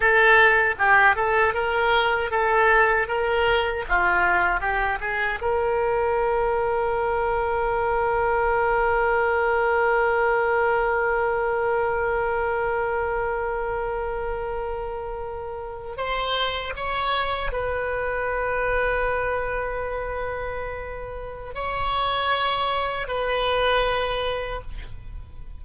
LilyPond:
\new Staff \with { instrumentName = "oboe" } { \time 4/4 \tempo 4 = 78 a'4 g'8 a'8 ais'4 a'4 | ais'4 f'4 g'8 gis'8 ais'4~ | ais'1~ | ais'1~ |
ais'1~ | ais'8. c''4 cis''4 b'4~ b'16~ | b'1 | cis''2 b'2 | }